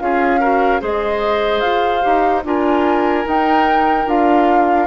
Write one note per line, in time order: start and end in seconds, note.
0.00 0.82 C#4
0.00 0.41 F4
0.00 0.41 G#4
0.00 0.81 F5
0.41 0.80 F#4
0.41 0.81 A#4
0.80 1.62 G#3
0.80 2.02 G#4
0.80 2.44 C5
0.80 1.61 D#5
1.61 2.03 F4
1.61 2.42 F5
2.02 2.45 D#4
2.02 2.43 G4
2.45 3.26 D4
2.45 3.25 F4
2.45 4.87 A#4
2.45 3.28 G#5
3.25 4.06 D#4
3.25 4.07 D#4
3.25 4.09 G5
4.07 4.87 D4
4.07 4.87 F4
4.07 4.87 F5